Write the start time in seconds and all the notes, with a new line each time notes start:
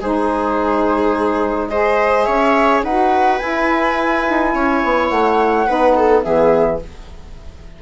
0.00 G#3 D#4 G#4 C5
1.68 G#4 C5 D#5
2.23 C#4 C#5 E5
2.83 D#4 F#4 B4 F#5
3.39 E4 G#5
4.29 D#4
4.54 C#4 C#5
4.84 B3
5.09 A3 F#5
5.67 B3 D#4 B4
5.96 A4
6.22 E3 B3 G#4 E5